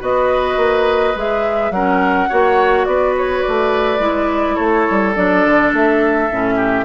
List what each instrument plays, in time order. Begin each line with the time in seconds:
0.00 bassoon B3, clarinet F#4, oboe B4, flute D#5
0.57 bassoon A#3
1.16 bassoon G#3, clarinet G#4, flute E5
1.71 bassoon F#3, clarinet C#4, oboe A#4, flute F#5
2.29 bassoon A#3, clarinet F#4, oboe C#5
2.85 bassoon B3, oboe B4, flute D5
3.18 flute C#5
3.42 bassoon A3, flute D5
3.99 bassoon G#3, clarinet E4
4.55 bassoon A3, oboe A4, flute C#5
4.90 bassoon G3
5.15 bassoon F#3, clarinet D4, flute D5
5.45 bassoon D3
5.72 bassoon A3, flute E5
6.31 bassoon A2, clarinet C#4
6.55 oboe G4